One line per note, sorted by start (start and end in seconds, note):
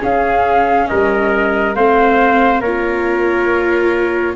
0.00 1.74 C#4
0.00 0.90 C#4
0.00 0.89 G#4
0.00 0.87 F5
0.87 1.75 G3
0.87 1.76 A#4
0.87 1.74 D#5
1.74 2.61 A3
1.74 2.63 C4
1.74 2.61 C5
1.74 2.61 F5
2.61 4.35 A#3
2.61 4.36 F4
2.61 4.35 A#4
2.61 4.35 C#5